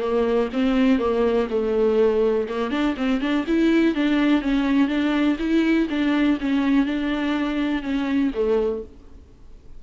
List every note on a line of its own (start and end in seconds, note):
0.00 0.49 A#3
0.53 0.99 C4
0.99 1.47 A#3
1.50 2.48 A3
2.48 2.71 A#3
2.71 2.95 D4
2.97 3.21 C4
3.21 3.45 D4
3.47 3.95 E4
3.95 4.42 D4
4.42 4.88 C#4
4.88 5.37 D4
5.39 5.88 E4
5.90 6.39 D4
6.41 6.86 C#4
6.86 7.82 D4
7.82 8.31 C#4
8.34 8.83 A3